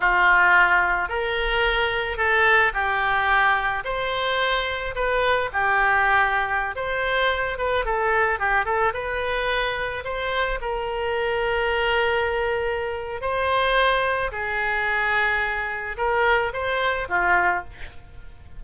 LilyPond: \new Staff \with { instrumentName = "oboe" } { \time 4/4 \tempo 4 = 109 f'2 ais'2 | a'4 g'2 c''4~ | c''4 b'4 g'2~ | g'16 c''4. b'8 a'4 g'8 a'16~ |
a'16 b'2 c''4 ais'8.~ | ais'1 | c''2 gis'2~ | gis'4 ais'4 c''4 f'4 | }